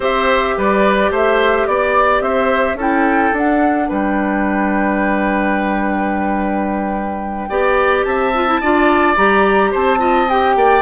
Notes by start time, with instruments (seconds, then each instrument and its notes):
0.00 bassoon C4, clarinet G4, oboe C5, flute E5
0.57 bassoon G3, oboe B4, flute D5
1.10 bassoon A3, oboe C5, flute E5
1.66 bassoon B3, flute D5, oboe D5
2.20 bassoon C4, oboe C5, flute E5
2.74 bassoon C#4, clarinet E4, oboe A4
2.81 flute G5
3.32 bassoon D4, clarinet D4, flute F#5
3.88 bassoon G3, oboe B4, flute G5
7.49 bassoon B3, clarinet G4, oboe D5
8.03 bassoon C4, oboe E5, flute A5
8.34 clarinet F4
8.47 clarinet E4
8.60 bassoon D4, clarinet F4, oboe D5
9.16 bassoon G3, clarinet G4, flute A#5
9.71 bassoon C4, oboe C5, flute A5
9.98 clarinet F4, oboe D#5
10.29 clarinet G4, flute G5
10.55 bassoon A#3, oboe D5